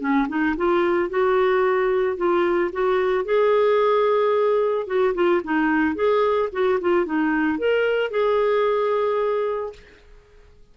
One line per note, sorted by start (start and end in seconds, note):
0.00 0.27 C#4
0.28 0.55 D#4
0.57 1.09 F4
1.09 2.16 F#4
2.16 2.71 F4
2.72 3.25 F#4
3.25 4.87 G#4
4.87 5.14 F#4
5.14 5.42 F4
5.44 5.95 D#4
5.95 6.49 G#4
6.52 6.79 F#4
6.81 7.05 F4
7.05 7.58 D#4
7.58 8.11 A#4
8.11 9.73 G#4